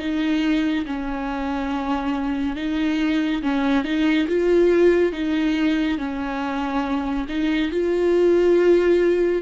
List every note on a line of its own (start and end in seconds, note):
0.00 0.86 D#4
0.86 2.57 C#4
2.57 3.42 D#4
3.43 3.85 C#4
3.85 4.28 D#4
4.29 5.13 F4
5.13 5.98 D#4
5.98 7.27 C#4
7.29 7.72 D#4
7.72 9.43 F4